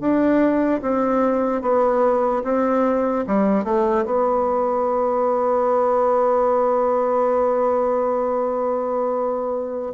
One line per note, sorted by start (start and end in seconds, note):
0.00 0.81 D4
0.82 1.62 C4
1.62 2.43 B3
2.44 3.25 C4
3.27 3.64 G3
3.64 4.05 A3
4.05 9.93 B3